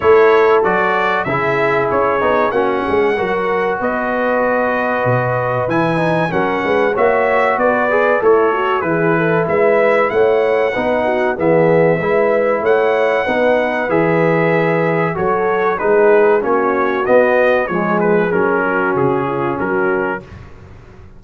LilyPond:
<<
  \new Staff \with { instrumentName = "trumpet" } { \time 4/4 \tempo 4 = 95 cis''4 d''4 e''4 cis''4 | fis''2 dis''2~ | dis''4 gis''4 fis''4 e''4 | d''4 cis''4 b'4 e''4 |
fis''2 e''2 | fis''2 e''2 | cis''4 b'4 cis''4 dis''4 | cis''8 b'8 ais'4 gis'4 ais'4 | }
  \new Staff \with { instrumentName = "horn" } { \time 4/4 a'2 gis'2 | fis'8 gis'8 ais'4 b'2~ | b'2 ais'8 b'8 cis''4 | b'4 e'8 fis'8 gis'8 a'8 b'4 |
cis''4 b'8 fis'8 gis'4 b'4 | cis''4 b'2. | a'4 gis'4 fis'2 | gis'4. fis'4 f'8 fis'4 | }
  \new Staff \with { instrumentName = "trombone" } { \time 4/4 e'4 fis'4 e'4. dis'8 | cis'4 fis'2.~ | fis'4 e'8 dis'8 cis'4 fis'4~ | fis'8 gis'8 a'4 e'2~ |
e'4 dis'4 b4 e'4~ | e'4 dis'4 gis'2 | fis'4 dis'4 cis'4 b4 | gis4 cis'2. | }
  \new Staff \with { instrumentName = "tuba" } { \time 4/4 a4 fis4 cis4 cis'8 b8 | ais8 gis8 fis4 b2 | b,4 e4 fis8 gis8 ais4 | b4 a4 e4 gis4 |
a4 b4 e4 gis4 | a4 b4 e2 | fis4 gis4 ais4 b4 | f4 fis4 cis4 fis4 | }
>>